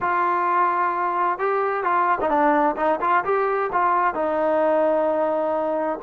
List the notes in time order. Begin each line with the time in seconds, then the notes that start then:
0.01 F4
1.38 G4
1.83 F4
2.20 D#4
2.29 D4
2.76 D#4
3.00 F4
3.24 G4
3.72 F4
4.14 D#4